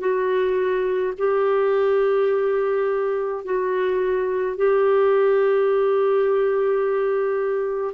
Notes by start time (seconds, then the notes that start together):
0.00 F#4
1.18 G4
3.44 F#4
4.56 G4